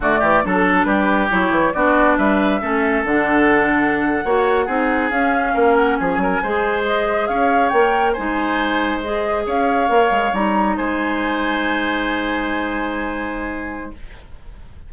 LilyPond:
<<
  \new Staff \with { instrumentName = "flute" } { \time 4/4 \tempo 4 = 138 d''4 a'4 b'4 cis''4 | d''4 e''2 fis''4~ | fis''2.~ fis''8. f''16~ | f''4~ f''16 fis''8 gis''2 dis''16~ |
dis''8. f''4 g''4 gis''4~ gis''16~ | gis''8. dis''4 f''2 ais''16~ | ais''8. gis''2.~ gis''16~ | gis''1 | }
  \new Staff \with { instrumentName = "oboe" } { \time 4/4 fis'8 g'8 a'4 g'2 | fis'4 b'4 a'2~ | a'4.~ a'16 cis''4 gis'4~ gis'16~ | gis'8. ais'4 gis'8 ais'8 c''4~ c''16~ |
c''8. cis''2 c''4~ c''16~ | c''4.~ c''16 cis''2~ cis''16~ | cis''8. c''2.~ c''16~ | c''1 | }
  \new Staff \with { instrumentName = "clarinet" } { \time 4/4 a4 d'2 e'4 | d'2 cis'4 d'4~ | d'4.~ d'16 fis'4 dis'4 cis'16~ | cis'2~ cis'8. gis'4~ gis'16~ |
gis'4.~ gis'16 ais'4 dis'4~ dis'16~ | dis'8. gis'2 ais'4 dis'16~ | dis'1~ | dis'1 | }
  \new Staff \with { instrumentName = "bassoon" } { \time 4/4 d8 e8 fis4 g4 fis8 e8 | b4 g4 a4 d4~ | d4.~ d16 ais4 c'4 cis'16~ | cis'8. ais4 f8 fis8 gis4~ gis16~ |
gis8. cis'4 ais4 gis4~ gis16~ | gis4.~ gis16 cis'4 ais8 gis8 g16~ | g8. gis2.~ gis16~ | gis1 | }
>>